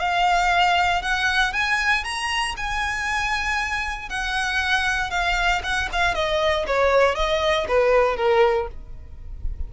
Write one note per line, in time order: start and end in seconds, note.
0.00 1.02 F5
1.02 1.53 F#5
1.53 2.04 G#5
2.04 2.55 A#5
2.57 4.10 G#5
4.10 5.11 F#5
5.11 5.62 F5
5.63 5.89 F#5
5.93 6.15 F5
6.15 6.66 D#5
6.67 7.16 C#5
7.16 7.67 D#5
7.68 8.17 B4
8.17 8.68 A#4